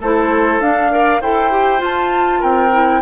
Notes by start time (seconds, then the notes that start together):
0.00 A3 E4 A4 C5
0.60 D4 F5
0.92 A#4 D5
1.21 E4 A4 C5 G5
1.51 G4
1.79 F4 A5
2.40 C4 A#4 G5
2.73 E4